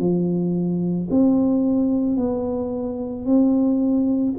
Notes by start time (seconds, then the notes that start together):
0.00 F3
1.11 C4
2.17 B3
3.26 C4